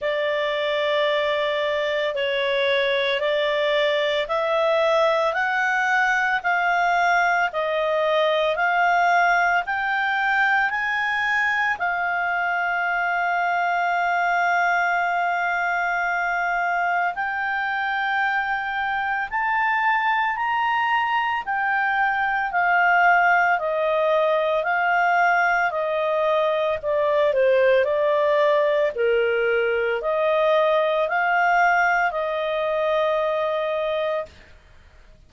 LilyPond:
\new Staff \with { instrumentName = "clarinet" } { \time 4/4 \tempo 4 = 56 d''2 cis''4 d''4 | e''4 fis''4 f''4 dis''4 | f''4 g''4 gis''4 f''4~ | f''1 |
g''2 a''4 ais''4 | g''4 f''4 dis''4 f''4 | dis''4 d''8 c''8 d''4 ais'4 | dis''4 f''4 dis''2 | }